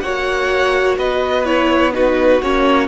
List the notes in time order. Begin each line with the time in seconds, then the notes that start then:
0.00 A#3 F#4 C#5 F#5
0.98 B3 B4 D#5
1.45 E4 C#5
1.92 D#4 F#4 B4
2.42 A#3 C#4 C#5